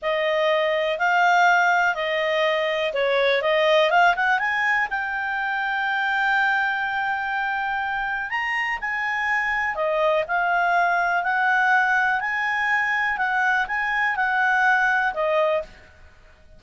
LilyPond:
\new Staff \with { instrumentName = "clarinet" } { \time 4/4 \tempo 4 = 123 dis''2 f''2 | dis''2 cis''4 dis''4 | f''8 fis''8 gis''4 g''2~ | g''1~ |
g''4 ais''4 gis''2 | dis''4 f''2 fis''4~ | fis''4 gis''2 fis''4 | gis''4 fis''2 dis''4 | }